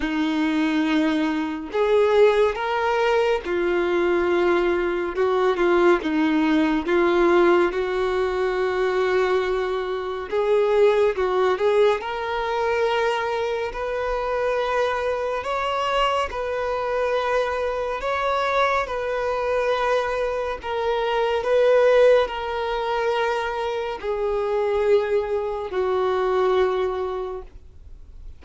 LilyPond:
\new Staff \with { instrumentName = "violin" } { \time 4/4 \tempo 4 = 70 dis'2 gis'4 ais'4 | f'2 fis'8 f'8 dis'4 | f'4 fis'2. | gis'4 fis'8 gis'8 ais'2 |
b'2 cis''4 b'4~ | b'4 cis''4 b'2 | ais'4 b'4 ais'2 | gis'2 fis'2 | }